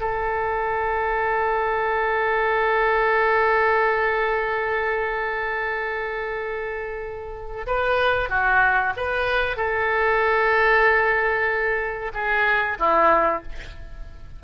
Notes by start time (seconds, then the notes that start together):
0.00 A4
7.67 B4
8.29 F#4
8.96 B4
9.57 A4
12.14 G#4
12.79 E4